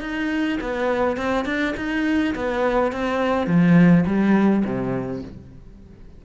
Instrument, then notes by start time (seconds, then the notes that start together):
cello
0.00 D#4
0.60 B3
1.16 C4
1.45 D4
1.76 D#4
2.35 B3
2.92 C4
3.46 F3
4.06 G3
4.64 C3